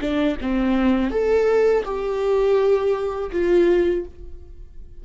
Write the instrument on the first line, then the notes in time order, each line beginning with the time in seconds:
viola
0.00 D4
0.40 C4
1.10 A4
1.84 G4
3.31 F4